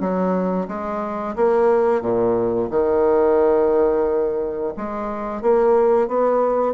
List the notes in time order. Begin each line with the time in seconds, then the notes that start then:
0.00 F#3
0.68 G#3
1.36 A#3
2.01 A#2
2.70 D#3
4.77 G#3
5.42 A#3
6.08 B3